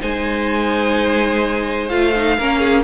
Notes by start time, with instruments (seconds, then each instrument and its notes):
0.00 cello G#3, viola D#4, violin C5 G#5
1.88 cello A3, viola F4, violin F5
2.15 viola D#4
2.37 cello A#3, viola C#4, violin A#4
2.59 violin G#4